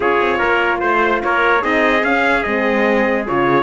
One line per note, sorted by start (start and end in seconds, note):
0.00 0.19 C#4
0.00 1.61 F4
0.00 0.38 G#4
0.00 0.79 C#5
0.20 0.40 C4
0.38 0.82 A#3
0.38 0.79 A#4
0.79 1.22 A3
0.79 1.20 C5
0.79 1.24 C5
1.23 1.64 A#3
1.23 1.61 A#4
1.23 1.64 C#5
1.61 2.03 C4
1.61 2.03 D#4
1.61 3.63 G#4
1.61 2.04 D#5
2.03 2.44 C#4
2.03 2.45 C#4
2.03 2.43 F5
2.43 3.27 G#3
2.43 3.26 C4
2.43 3.25 D#5
3.26 3.63 C#3
3.26 3.63 F4
3.26 3.63 C#5